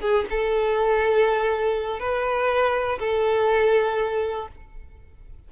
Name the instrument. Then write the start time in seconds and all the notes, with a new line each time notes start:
violin
0.00 G#4
0.30 A4
1.99 B4
2.99 A4